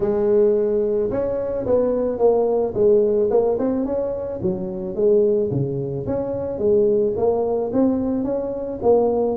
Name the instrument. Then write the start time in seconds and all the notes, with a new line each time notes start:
tuba
0.00 G#3
1.10 C#4
1.65 B3
2.18 A#3
2.74 G#3
3.30 A#3
3.59 C4
3.85 C#4
4.42 F#3
4.95 G#3
5.50 C#3
6.06 C#4
6.58 G#3
7.16 A#3
7.73 C4
8.24 C#4
8.82 A#3